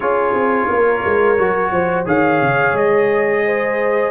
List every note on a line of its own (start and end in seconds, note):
0.00 0.33 C#4
0.00 1.37 F4
0.00 0.69 G#4
0.00 2.04 C#5
0.33 0.67 C4
0.69 1.03 A#3
0.69 1.72 A#4
1.05 1.37 G#3
1.37 1.71 F#3
1.37 2.05 F#4
1.71 2.06 F3
1.71 2.06 C5
2.05 2.41 D#3
2.05 4.10 G#4
2.05 3.44 C#5
2.05 2.77 F5
2.41 2.73 C#3
2.73 4.10 G#3
2.73 4.10 D#5
3.45 4.10 C5